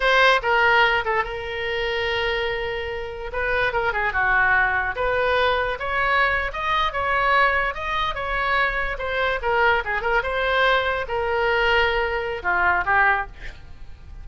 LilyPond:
\new Staff \with { instrumentName = "oboe" } { \time 4/4 \tempo 4 = 145 c''4 ais'4. a'8 ais'4~ | ais'1 | b'4 ais'8 gis'8 fis'2 | b'2 cis''4.~ cis''16 dis''16~ |
dis''8. cis''2 dis''4 cis''16~ | cis''4.~ cis''16 c''4 ais'4 gis'16~ | gis'16 ais'8 c''2 ais'4~ ais'16~ | ais'2 f'4 g'4 | }